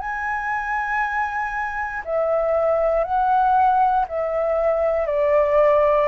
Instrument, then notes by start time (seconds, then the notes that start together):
flute
0.00 G#5
2.05 E5
3.04 F#5
4.08 E5
5.07 D5